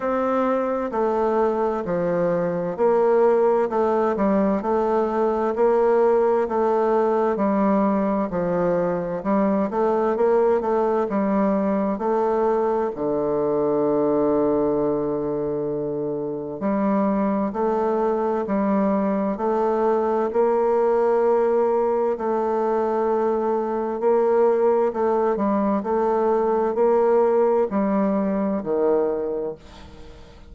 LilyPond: \new Staff \with { instrumentName = "bassoon" } { \time 4/4 \tempo 4 = 65 c'4 a4 f4 ais4 | a8 g8 a4 ais4 a4 | g4 f4 g8 a8 ais8 a8 | g4 a4 d2~ |
d2 g4 a4 | g4 a4 ais2 | a2 ais4 a8 g8 | a4 ais4 g4 dis4 | }